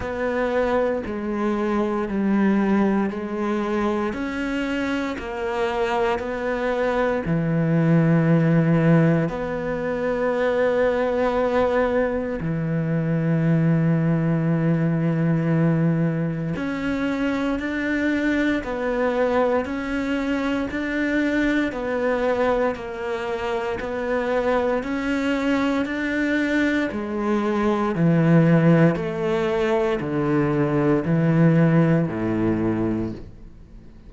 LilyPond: \new Staff \with { instrumentName = "cello" } { \time 4/4 \tempo 4 = 58 b4 gis4 g4 gis4 | cis'4 ais4 b4 e4~ | e4 b2. | e1 |
cis'4 d'4 b4 cis'4 | d'4 b4 ais4 b4 | cis'4 d'4 gis4 e4 | a4 d4 e4 a,4 | }